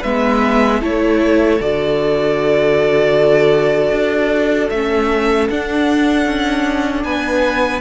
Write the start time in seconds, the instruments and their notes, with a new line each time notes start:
0.00 cello G#3, viola B3, violin B4 E5
0.81 cello A3, viola E4, violin A4 C#5
1.60 cello D3, viola F#4, violin D5
3.92 cello D4
4.70 cello A3, viola C#4, violin E5
5.50 cello D4, viola D4, violin F#5
6.26 cello C#4
7.04 cello B3, violin B4 G#5